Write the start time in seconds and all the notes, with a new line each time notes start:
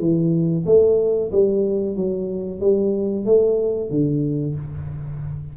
0.00 E3
0.66 A3
1.32 G3
1.97 F#3
2.61 G3
3.26 A3
3.91 D3